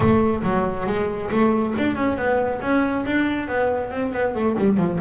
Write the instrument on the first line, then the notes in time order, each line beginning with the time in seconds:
double bass
0.00 A3
0.42 F#3
0.86 G#3
1.31 A3
1.77 D4
1.95 C#4
2.17 B3
2.61 C#4
3.05 D4
3.48 B3
3.91 C4
4.13 B3
4.34 A3
4.58 G3
4.77 F3